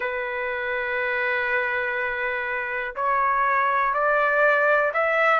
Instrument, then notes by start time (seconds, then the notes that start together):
trumpet
0.00 B4
2.95 C#5
3.93 D5
4.93 E5